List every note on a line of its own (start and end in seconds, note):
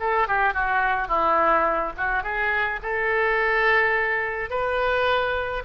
0.00 0.28 A4
0.28 0.54 G4
0.54 1.08 F#4
1.08 1.93 E4
1.97 2.23 F#4
2.23 2.80 G#4
2.83 4.50 A4
4.50 5.63 B4